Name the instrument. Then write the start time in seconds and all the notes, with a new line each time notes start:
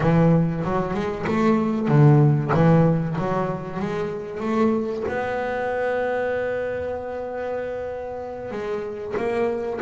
double bass
0.00 E3
0.63 F#3
0.93 G#3
1.26 A3
1.88 D3
2.53 E3
3.18 F#3
3.79 G#3
4.40 A3
5.08 B3
8.51 G#3
9.16 A#3